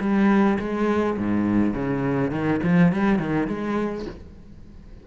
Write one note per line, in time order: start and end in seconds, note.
0.00 0.58 G3
0.60 1.18 G#3
1.18 1.74 G#2
1.74 2.31 C#3
2.31 2.60 D#3
2.63 2.92 F3
2.92 3.19 G3
3.19 3.48 D#3
3.48 4.06 G#3